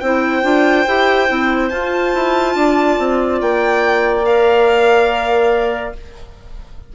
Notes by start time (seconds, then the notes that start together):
0.00 C4 E4 C5 G5
0.43 D4 F4
0.87 E4 G4
1.29 C4 E4
1.70 F4 A5
2.14 E4
2.55 D4 D5
2.99 C4
3.42 A#3 G5
4.24 A#4 F5